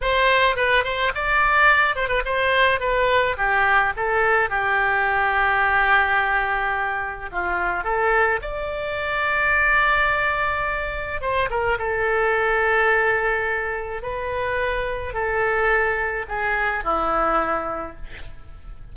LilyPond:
\new Staff \with { instrumentName = "oboe" } { \time 4/4 \tempo 4 = 107 c''4 b'8 c''8 d''4. c''16 b'16 | c''4 b'4 g'4 a'4 | g'1~ | g'4 f'4 a'4 d''4~ |
d''1 | c''8 ais'8 a'2.~ | a'4 b'2 a'4~ | a'4 gis'4 e'2 | }